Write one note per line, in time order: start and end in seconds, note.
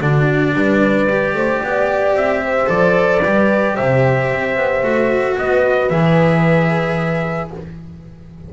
0.00 0.54 D3
0.00 1.08 D4
0.00 0.54 F#4
0.00 2.16 D5
0.54 1.34 G3
0.54 1.36 B4
1.09 2.66 G4
1.34 1.61 A3
1.34 1.63 C5
1.63 2.13 B3
1.63 2.44 D5
2.13 2.67 C4
2.13 2.69 E5
2.44 3.23 C5
2.66 3.22 F3
2.66 3.20 A4
2.66 3.76 D5
3.23 3.78 G3
3.23 4.83 G4
3.23 3.75 B4
3.75 4.31 C3
3.75 5.35 C5
3.75 5.37 E5
4.31 4.56 C4
4.56 4.83 B3
4.83 5.36 A3
4.83 5.90 F#4
5.38 5.90 B3
5.38 7.53 B4
5.38 5.89 D#5
5.89 7.51 E3
5.89 7.50 G#4
5.89 7.50 E5